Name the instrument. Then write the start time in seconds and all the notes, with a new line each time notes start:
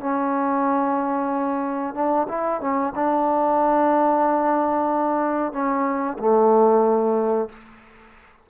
trombone
0.00 C#4
1.95 D4
2.29 E4
2.61 C#4
2.95 D4
5.52 C#4
6.19 A3